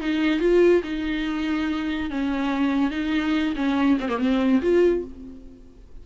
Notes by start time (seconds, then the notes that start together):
0.00 D#4
0.40 F4
0.84 D#4
2.10 C#4
2.91 D#4
3.56 C#4
4.00 C4
4.09 A#3
4.19 C4
4.62 F4